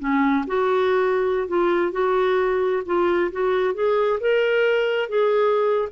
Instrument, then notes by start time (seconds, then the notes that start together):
clarinet
0.00 C#4
0.48 F#4
1.48 F4
1.93 F#4
2.86 F4
3.32 F#4
3.75 G#4
4.21 A#4
5.10 G#4